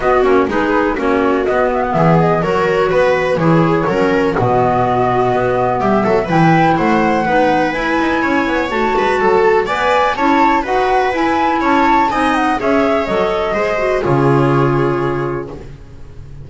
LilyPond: <<
  \new Staff \with { instrumentName = "flute" } { \time 4/4 \tempo 4 = 124 dis''8 cis''8 b'4 cis''4 dis''8 e''16 fis''16 | e''8 dis''8 cis''4 b'4 cis''4~ | cis''4 dis''2. | e''4 g''4 fis''2 |
gis''2 a''2 | gis''4 a''4 fis''4 gis''4 | a''4 gis''8 fis''8 e''4 dis''4~ | dis''4 cis''2. | }
  \new Staff \with { instrumentName = "viola" } { \time 4/4 fis'4 gis'4 fis'2 | gis'4 ais'4 b'4 gis'4 | ais'4 fis'2. | g'8 a'8 b'4 c''4 b'4~ |
b'4 cis''4. b'8 a'4 | d''4 cis''4 b'2 | cis''4 dis''4 cis''2 | c''4 gis'2. | }
  \new Staff \with { instrumentName = "clarinet" } { \time 4/4 b8 cis'8 dis'4 cis'4 b4~ | b4 fis'2 e'4 | cis'4 b2.~ | b4 e'2 dis'4 |
e'2 fis'2 | b'4 e'4 fis'4 e'4~ | e'4 dis'4 gis'4 a'4 | gis'8 fis'8 f'2. | }
  \new Staff \with { instrumentName = "double bass" } { \time 4/4 b8 ais8 gis4 ais4 b4 | e4 fis4 b4 e4 | fis4 b,2 b4 | g8 fis8 e4 a4 b4 |
e'8 dis'8 cis'8 b8 a8 gis8 fis4 | b4 cis'4 dis'4 e'4 | cis'4 c'4 cis'4 fis4 | gis4 cis2. | }
>>